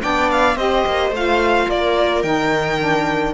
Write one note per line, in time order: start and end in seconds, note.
0.00 0.56 B3
0.00 0.56 D4
0.00 0.56 D5
0.00 0.30 G5
0.31 0.57 F5
0.56 0.84 C4
0.56 1.12 G4
0.56 1.67 C5
0.56 1.12 D#5
0.86 1.10 A#3
1.10 1.65 A3
1.10 2.23 F4
1.10 1.70 F5
1.68 2.23 A#3
1.68 3.33 A#4
1.68 2.22 D5
2.22 3.33 D#3
2.22 2.79 D#4
2.22 3.33 G5
2.79 3.33 D4